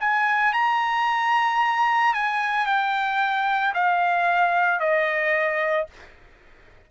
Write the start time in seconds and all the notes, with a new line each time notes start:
0.00 G#5
0.53 A#5
2.13 G#5
2.66 G5
3.74 F5
4.80 D#5